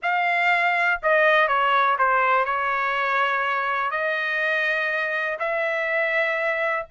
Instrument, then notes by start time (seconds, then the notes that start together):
trumpet
0.02 F5
1.02 D#5
1.48 C#5
1.98 C5
2.45 C#5
3.91 D#5
5.39 E5